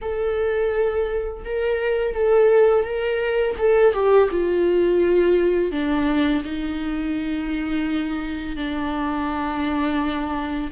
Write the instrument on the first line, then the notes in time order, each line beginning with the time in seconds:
viola
0.01 A4
1.44 A#4
2.14 A4
2.83 A#4
3.58 A4
3.93 G4
4.31 F4
5.71 D4
6.44 D#4
8.56 D4